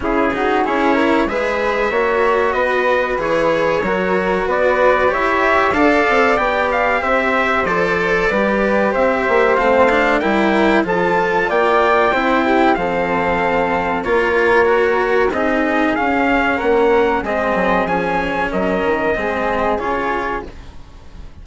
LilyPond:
<<
  \new Staff \with { instrumentName = "trumpet" } { \time 4/4 \tempo 4 = 94 gis'4 cis''4 e''2 | dis''4 cis''2 d''4 | e''4 f''4 g''8 f''8 e''4 | d''2 e''4 f''4 |
g''4 a''4 g''2 | f''2 cis''2 | dis''4 f''4 fis''4 dis''4 | gis''4 dis''2 cis''4 | }
  \new Staff \with { instrumentName = "flute" } { \time 4/4 e'8 fis'8 gis'8 ais'8 b'4 cis''4 | b'2 ais'4 b'4 | cis''4 d''2 c''4~ | c''4 b'4 c''2 |
ais'4 a'4 d''4 c''8 g'8 | a'2 ais'2 | gis'2 ais'4 gis'4~ | gis'4 ais'4 gis'2 | }
  \new Staff \with { instrumentName = "cello" } { \time 4/4 cis'8 dis'8 e'4 gis'4 fis'4~ | fis'4 gis'4 fis'2 | g'4 a'4 g'2 | a'4 g'2 c'8 d'8 |
e'4 f'2 e'4 | c'2 f'4 fis'4 | dis'4 cis'2 c'4 | cis'2 c'4 f'4 | }
  \new Staff \with { instrumentName = "bassoon" } { \time 4/4 cis4 cis'4 gis4 ais4 | b4 e4 fis4 b4 | e'4 d'8 c'8 b4 c'4 | f4 g4 c'8 ais8 a4 |
g4 f4 ais4 c'4 | f2 ais2 | c'4 cis'4 ais4 gis8 fis8 | f4 fis8 dis8 gis4 cis4 | }
>>